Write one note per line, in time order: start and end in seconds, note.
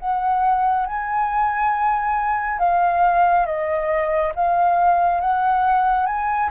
0.00 0.87 F#5
0.87 2.60 G#5
2.60 3.46 F5
3.46 4.33 D#5
4.36 5.21 F5
5.21 6.07 F#5
6.07 6.50 G#5